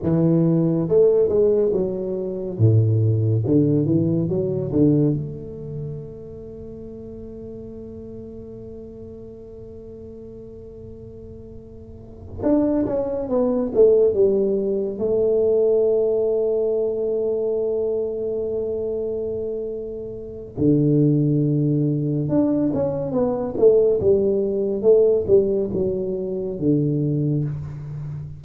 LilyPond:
\new Staff \with { instrumentName = "tuba" } { \time 4/4 \tempo 4 = 70 e4 a8 gis8 fis4 a,4 | d8 e8 fis8 d8 a2~ | a1~ | a2~ a8 d'8 cis'8 b8 |
a8 g4 a2~ a8~ | a1 | d2 d'8 cis'8 b8 a8 | g4 a8 g8 fis4 d4 | }